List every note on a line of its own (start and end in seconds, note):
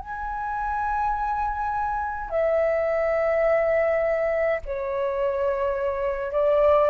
0.00 2.30 G#5
2.30 4.61 E5
4.66 6.33 C#5
6.33 6.90 D5